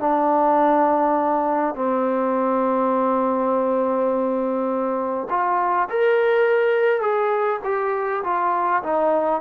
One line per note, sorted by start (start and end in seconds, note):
0.00 1.75 D4
1.75 5.28 C4
5.30 5.89 F4
5.90 7.01 A#4
7.01 7.60 G#4
7.64 8.23 G4
8.24 8.83 F4
8.83 9.41 D#4